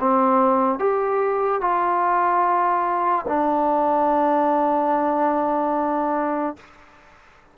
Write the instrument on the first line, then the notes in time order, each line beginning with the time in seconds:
trombone
0.00 C4
0.79 G4
1.61 F4
3.28 D4